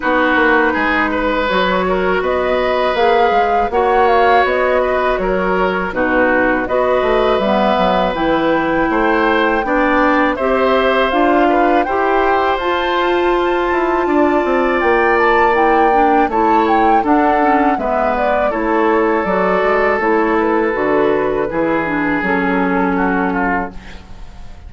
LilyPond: <<
  \new Staff \with { instrumentName = "flute" } { \time 4/4 \tempo 4 = 81 b'2 cis''4 dis''4 | f''4 fis''8 f''8 dis''4 cis''4 | b'4 dis''4 e''4 g''4~ | g''2 e''4 f''4 |
g''4 a''2. | g''8 a''8 g''4 a''8 g''8 fis''4 | e''8 d''8 cis''4 d''4 cis''8 b'8~ | b'2 a'2 | }
  \new Staff \with { instrumentName = "oboe" } { \time 4/4 fis'4 gis'8 b'4 ais'8 b'4~ | b'4 cis''4. b'8 ais'4 | fis'4 b'2. | c''4 d''4 c''4. b'8 |
c''2. d''4~ | d''2 cis''4 a'4 | b'4 a'2.~ | a'4 gis'2 fis'8 f'8 | }
  \new Staff \with { instrumentName = "clarinet" } { \time 4/4 dis'2 fis'2 | gis'4 fis'2. | dis'4 fis'4 b4 e'4~ | e'4 d'4 g'4 f'4 |
g'4 f'2.~ | f'4 e'8 d'8 e'4 d'8 cis'8 | b4 e'4 fis'4 e'4 | fis'4 e'8 d'8 cis'2 | }
  \new Staff \with { instrumentName = "bassoon" } { \time 4/4 b8 ais8 gis4 fis4 b4 | ais8 gis8 ais4 b4 fis4 | b,4 b8 a8 g8 fis8 e4 | a4 b4 c'4 d'4 |
e'4 f'4. e'8 d'8 c'8 | ais2 a4 d'4 | gis4 a4 fis8 gis8 a4 | d4 e4 fis2 | }
>>